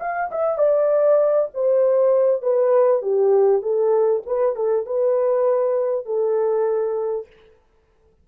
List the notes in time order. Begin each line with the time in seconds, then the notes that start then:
0.00 F5
0.31 E5
0.58 D5
1.53 C5
2.42 B4
3.02 G4
3.62 A4
4.26 B4
4.55 A4
4.86 B4
6.05 A4